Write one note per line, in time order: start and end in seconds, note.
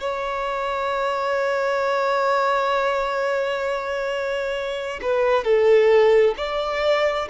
0.00 5.00 C#5
5.01 5.44 B4
5.44 6.35 A4
6.37 7.28 D5